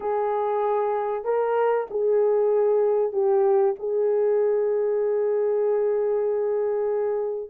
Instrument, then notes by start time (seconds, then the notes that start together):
horn
0.00 G#4
1.24 A#4
1.90 G#4
3.12 G4
3.79 G#4